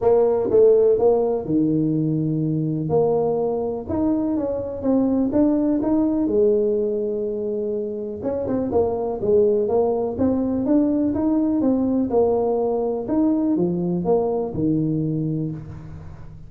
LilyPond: \new Staff \with { instrumentName = "tuba" } { \time 4/4 \tempo 4 = 124 ais4 a4 ais4 dis4~ | dis2 ais2 | dis'4 cis'4 c'4 d'4 | dis'4 gis2.~ |
gis4 cis'8 c'8 ais4 gis4 | ais4 c'4 d'4 dis'4 | c'4 ais2 dis'4 | f4 ais4 dis2 | }